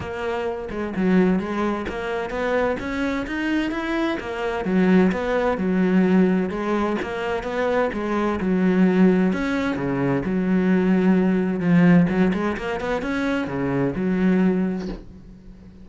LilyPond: \new Staff \with { instrumentName = "cello" } { \time 4/4 \tempo 4 = 129 ais4. gis8 fis4 gis4 | ais4 b4 cis'4 dis'4 | e'4 ais4 fis4 b4 | fis2 gis4 ais4 |
b4 gis4 fis2 | cis'4 cis4 fis2~ | fis4 f4 fis8 gis8 ais8 b8 | cis'4 cis4 fis2 | }